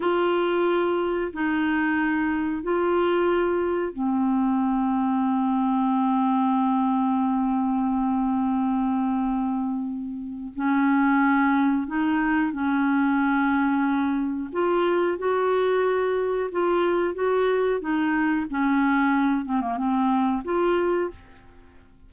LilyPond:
\new Staff \with { instrumentName = "clarinet" } { \time 4/4 \tempo 4 = 91 f'2 dis'2 | f'2 c'2~ | c'1~ | c'1 |
cis'2 dis'4 cis'4~ | cis'2 f'4 fis'4~ | fis'4 f'4 fis'4 dis'4 | cis'4. c'16 ais16 c'4 f'4 | }